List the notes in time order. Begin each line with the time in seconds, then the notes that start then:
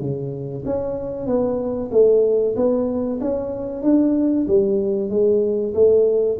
0.00 C#3
0.65 C#4
1.26 B3
1.91 A3
2.56 B3
3.21 C#4
3.82 D4
4.47 G3
5.10 G#3
5.74 A3